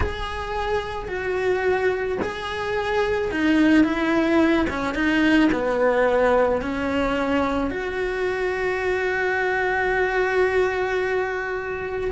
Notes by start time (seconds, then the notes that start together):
0.00 G#4
1.08 F#4
2.21 G#4
3.31 D#4
3.84 E4
4.69 C#4
4.94 D#4
5.51 B3
6.61 C#4
7.70 F#4